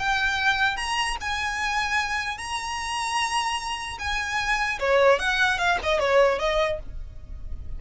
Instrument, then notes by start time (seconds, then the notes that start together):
violin
0.00 G5
0.77 A#5
1.21 G#5
2.38 A#5
3.99 G#5
4.80 C#5
5.19 F#5
5.59 F5
5.83 D#5
6.00 C#5
6.39 D#5